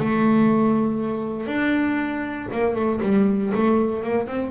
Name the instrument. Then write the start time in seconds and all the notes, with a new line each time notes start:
double bass
0.00 A3
1.47 D4
2.53 A#3
2.75 A3
3.03 G3
3.55 A3
4.04 A#3
4.28 C4